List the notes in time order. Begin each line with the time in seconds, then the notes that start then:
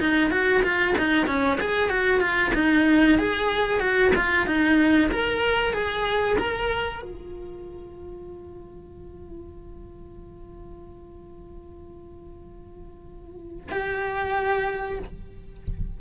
0.00 D#4
0.31 F#4
0.63 F4
0.98 D#4
1.27 C#4
1.61 G#4
1.90 F#4
2.21 F4
2.55 D#4
3.19 G#4
3.80 F#4
4.16 F4
4.47 D#4
5.12 A#4
5.74 G#4
6.39 A#4
7.03 F4
13.72 G4